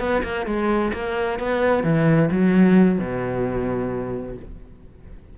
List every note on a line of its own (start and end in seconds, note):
0.00 0.23 B3
0.23 0.46 A#3
0.46 0.92 G#3
0.94 1.39 A#3
1.39 1.84 B3
1.84 2.30 E3
2.31 2.99 F#3
2.99 4.36 B2